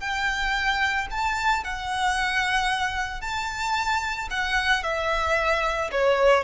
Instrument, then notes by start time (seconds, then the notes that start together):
violin
0.00 G5
1.11 A5
1.64 F#5
3.21 A5
4.30 F#5
4.83 E5
5.91 C#5